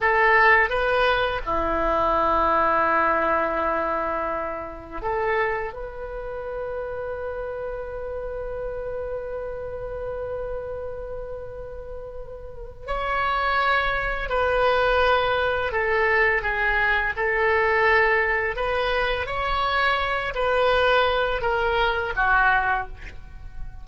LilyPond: \new Staff \with { instrumentName = "oboe" } { \time 4/4 \tempo 4 = 84 a'4 b'4 e'2~ | e'2. a'4 | b'1~ | b'1~ |
b'2 cis''2 | b'2 a'4 gis'4 | a'2 b'4 cis''4~ | cis''8 b'4. ais'4 fis'4 | }